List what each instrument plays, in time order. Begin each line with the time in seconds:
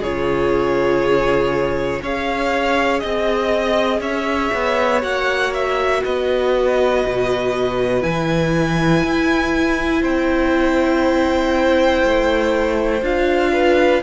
0.00 cello C#3, viola F4, violin G#4 C#5
2.02 cello C#4, viola G#4, violin C#5 F5
3.00 cello C4, violin D#5
4.01 cello C#4, violin C#5 E5
4.54 cello B3
5.02 cello A#3, viola F#4, violin F#5
5.54 violin E5
6.04 cello B3, violin B4 D#5
7.07 cello B2
8.01 cello E3, viola E4, violin G#5
9.04 cello E4
10.01 cello C4, violin C5 G5
12.04 cello A3
13.02 cello D4, viola F4, violin F5
13.53 violin B4